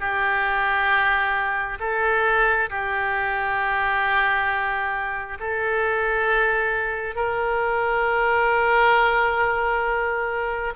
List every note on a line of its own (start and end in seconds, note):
0.00 1.79 G4
1.80 2.70 A4
2.70 5.39 G4
5.40 7.16 A4
7.16 10.74 A#4